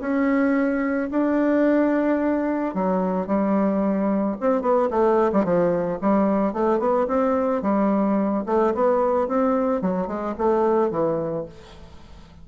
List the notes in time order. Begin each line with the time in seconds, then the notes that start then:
0.00 C#4
1.11 D4
2.74 F#3
3.26 G3
4.40 C4
4.61 B3
4.90 A3
5.32 G3
5.44 F3
6.01 G3
6.53 A3
6.79 B3
7.07 C4
7.62 G3
8.46 A3
8.74 B3
9.28 C4
9.81 F#3
10.07 G#3
10.38 A3
10.91 E3